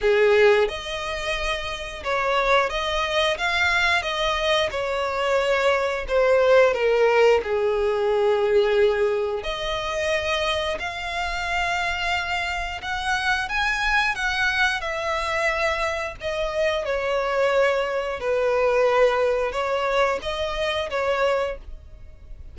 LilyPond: \new Staff \with { instrumentName = "violin" } { \time 4/4 \tempo 4 = 89 gis'4 dis''2 cis''4 | dis''4 f''4 dis''4 cis''4~ | cis''4 c''4 ais'4 gis'4~ | gis'2 dis''2 |
f''2. fis''4 | gis''4 fis''4 e''2 | dis''4 cis''2 b'4~ | b'4 cis''4 dis''4 cis''4 | }